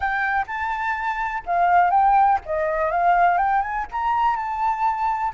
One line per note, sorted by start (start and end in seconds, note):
0.00 0.45 G5
0.46 1.43 A5
1.46 1.90 F5
1.90 2.38 G5
2.45 2.91 D#5
2.91 3.37 F5
3.37 3.61 G5
3.61 3.85 G#5
3.91 4.36 A#5
4.36 5.32 A5